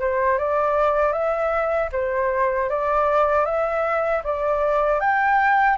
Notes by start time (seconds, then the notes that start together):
0.00 C5
0.38 D5
1.13 E5
1.92 C5
2.70 D5
3.45 E5
4.24 D5
5.00 G5